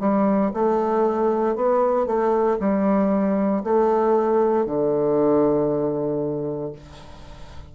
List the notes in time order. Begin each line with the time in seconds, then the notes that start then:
0.00 G3
0.54 A3
1.56 B3
2.06 A3
2.60 G3
3.63 A3
4.66 D3